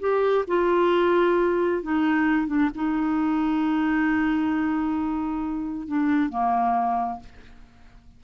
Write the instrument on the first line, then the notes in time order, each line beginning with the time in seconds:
clarinet
0.00 G4
0.48 F4
1.83 D#4
2.47 D4
2.75 D#4
5.87 D4
6.30 A#3